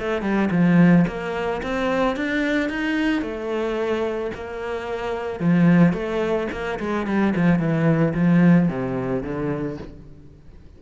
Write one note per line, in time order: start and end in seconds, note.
0.00 0.22 A3
0.22 0.50 G3
0.51 1.06 F3
1.08 1.62 A#3
1.63 2.17 C4
2.17 2.70 D4
2.70 3.22 D#4
3.22 4.31 A3
4.35 5.40 A#3
5.40 5.93 F3
5.93 6.48 A3
6.52 6.80 A#3
6.80 7.07 G#3
7.07 7.34 G3
7.36 7.59 F3
7.59 8.14 E3
8.15 8.69 F3
8.69 9.24 C3
9.24 9.78 D3